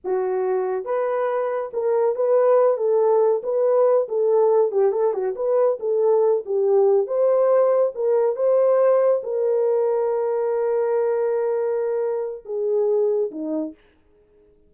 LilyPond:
\new Staff \with { instrumentName = "horn" } { \time 4/4 \tempo 4 = 140 fis'2 b'2 | ais'4 b'4. a'4. | b'4. a'4. g'8 a'8 | fis'8 b'4 a'4. g'4~ |
g'8 c''2 ais'4 c''8~ | c''4. ais'2~ ais'8~ | ais'1~ | ais'4 gis'2 dis'4 | }